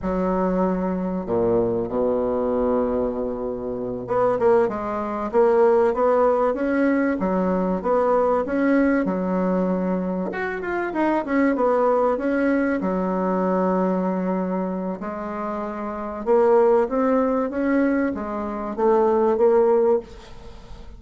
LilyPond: \new Staff \with { instrumentName = "bassoon" } { \time 4/4 \tempo 4 = 96 fis2 ais,4 b,4~ | b,2~ b,8 b8 ais8 gis8~ | gis8 ais4 b4 cis'4 fis8~ | fis8 b4 cis'4 fis4.~ |
fis8 fis'8 f'8 dis'8 cis'8 b4 cis'8~ | cis'8 fis2.~ fis8 | gis2 ais4 c'4 | cis'4 gis4 a4 ais4 | }